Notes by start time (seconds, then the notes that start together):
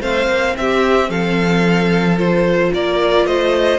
0.00 A3 C4 C5 F5
0.27 A#3
0.57 C4 G4 E5
1.09 F3 A4 F5
2.18 F4 C5
2.74 A#3 A#4 D5
3.26 A3 C5 D#5